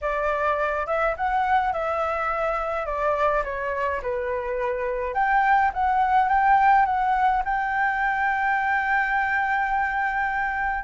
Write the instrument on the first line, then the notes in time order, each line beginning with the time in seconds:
flute
0.01 D5
0.86 E5
1.16 F#5
1.72 E5
2.86 D5
3.44 C#5
4.02 B4
5.14 G5
5.73 F#5
6.28 G5
6.85 F#5
7.44 G5